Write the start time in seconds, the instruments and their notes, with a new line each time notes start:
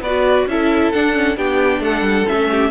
0.00 cello B3, viola F#4, violin B4 D5
0.46 cello C#4, viola E4, violin A4 E5
0.92 viola D4, cello D4, violin F#5
1.13 viola C#4
1.37 cello B3, viola D4, violin G4 G5
1.80 cello A3, violin A4 F#5
2.01 cello G3
2.26 cello A3, viola C#4, violin E5
2.50 violin G4